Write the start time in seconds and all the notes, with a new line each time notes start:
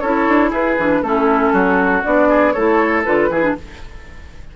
0.00 C#4 E4 A4 C#5
0.28 D4
0.50 E4 G#4 B4
0.78 E3 D4
1.02 A3 C#4 E4 A4
1.53 F#3 F#4
2.04 B3 D4 D5
2.29 G#4
2.52 A3 E4 A4 C#5
3.05 D3 F4 B4
3.29 E3 E4 G#4
3.43 D4